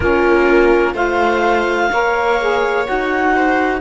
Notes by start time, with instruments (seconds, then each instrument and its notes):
0.00 cello A#3, saxophone C#4, viola F4, clarinet A#4
0.94 cello A3, saxophone F4, viola C5, clarinet F5
1.91 cello A#3, saxophone A#4, viola C#5
2.40 saxophone G#4
2.85 cello D#4, saxophone F#4, clarinet F#5
3.35 viola C5